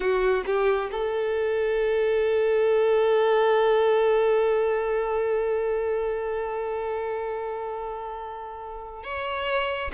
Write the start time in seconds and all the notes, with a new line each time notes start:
0.00 F#4
0.45 G4
0.91 A4
9.03 C#5